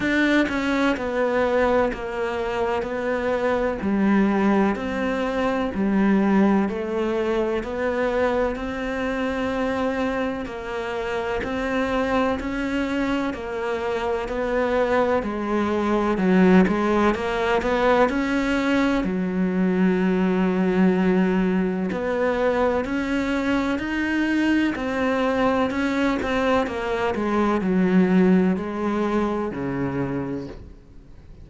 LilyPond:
\new Staff \with { instrumentName = "cello" } { \time 4/4 \tempo 4 = 63 d'8 cis'8 b4 ais4 b4 | g4 c'4 g4 a4 | b4 c'2 ais4 | c'4 cis'4 ais4 b4 |
gis4 fis8 gis8 ais8 b8 cis'4 | fis2. b4 | cis'4 dis'4 c'4 cis'8 c'8 | ais8 gis8 fis4 gis4 cis4 | }